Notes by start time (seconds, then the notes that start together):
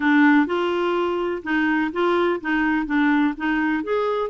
0.00 D4
0.46 F4
1.43 D#4
1.92 F4
2.40 D#4
2.86 D4
3.37 D#4
3.83 G#4